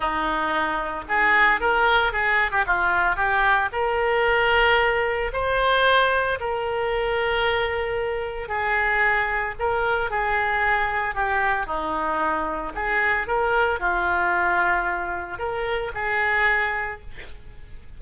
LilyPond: \new Staff \with { instrumentName = "oboe" } { \time 4/4 \tempo 4 = 113 dis'2 gis'4 ais'4 | gis'8. g'16 f'4 g'4 ais'4~ | ais'2 c''2 | ais'1 |
gis'2 ais'4 gis'4~ | gis'4 g'4 dis'2 | gis'4 ais'4 f'2~ | f'4 ais'4 gis'2 | }